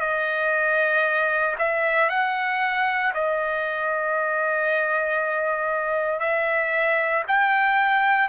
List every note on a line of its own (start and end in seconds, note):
0.00 1.55 D#5
1.58 2.09 E5
2.09 3.13 F#5
3.14 6.20 D#5
6.20 7.23 E5
7.27 8.29 G5